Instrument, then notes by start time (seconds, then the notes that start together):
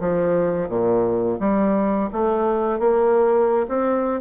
bassoon
0.00 F3
0.69 A#2
1.40 G3
2.12 A3
2.79 A#3
3.68 C4